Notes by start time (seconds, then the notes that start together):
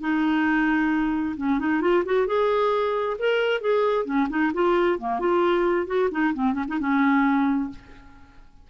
0.00 D#4
1.37 C#4
1.59 D#4
1.81 F4
2.05 F#4
2.26 G#4
3.19 A#4
3.60 G#4
4.05 C#4
4.29 D#4
4.53 F4
4.98 A#3
5.19 F4
5.86 F#4
6.11 D#4
6.34 C4
6.53 C#4
6.68 D#4
6.80 C#4